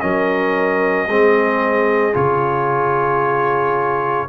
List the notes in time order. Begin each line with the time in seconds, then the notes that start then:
0.00 F#3 C#4 A#4 D#5
1.06 G#3 C4 G#4
2.13 C#3 F4 C#5